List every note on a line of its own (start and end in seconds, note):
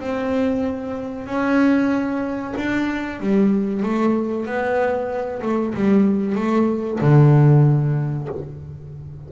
0.00 1.27 C4
1.27 2.54 C#4
2.57 3.20 D4
3.20 3.83 G3
3.83 4.46 A3
4.46 5.42 B3
5.42 5.74 A3
5.74 6.35 G3
6.35 6.99 A3
7.01 8.29 D3